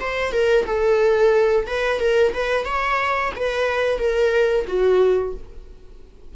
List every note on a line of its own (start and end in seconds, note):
0.00 0.32 C5
0.32 0.65 A#4
0.66 1.66 A4
1.67 2.00 B4
2.00 2.33 A#4
2.33 2.65 B4
2.65 3.32 C#5
3.36 3.98 B4
3.98 4.65 A#4
4.67 5.34 F#4